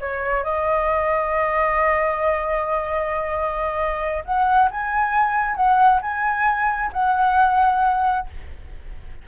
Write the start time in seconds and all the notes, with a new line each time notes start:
0.00 C#5
0.44 D#5
4.25 F#5
4.71 G#5
5.56 F#5
6.02 G#5
6.93 F#5